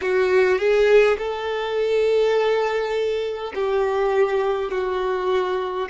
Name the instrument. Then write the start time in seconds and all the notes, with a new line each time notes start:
violin
0.01 F#4
0.58 G#4
1.18 A4
3.55 G4
4.71 F#4